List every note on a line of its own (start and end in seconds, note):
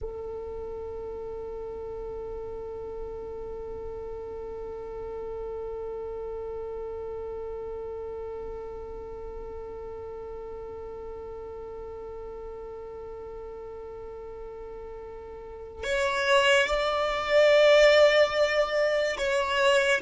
0.01 15.83 A4
15.83 16.67 C#5
16.67 19.17 D5
19.17 20.01 C#5